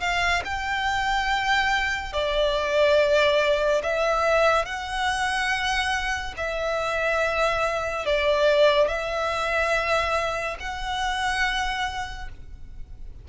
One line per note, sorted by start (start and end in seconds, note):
0.00 0.42 F5
0.44 2.12 G5
2.12 3.81 D5
3.83 4.65 E5
4.65 6.34 F#5
6.36 8.05 E5
8.05 8.87 D5
8.87 10.56 E5
10.59 12.28 F#5